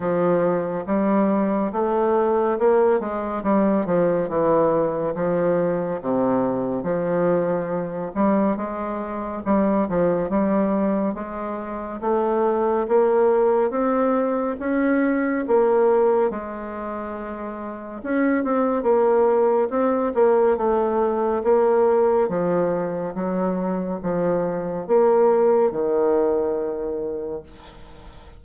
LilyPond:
\new Staff \with { instrumentName = "bassoon" } { \time 4/4 \tempo 4 = 70 f4 g4 a4 ais8 gis8 | g8 f8 e4 f4 c4 | f4. g8 gis4 g8 f8 | g4 gis4 a4 ais4 |
c'4 cis'4 ais4 gis4~ | gis4 cis'8 c'8 ais4 c'8 ais8 | a4 ais4 f4 fis4 | f4 ais4 dis2 | }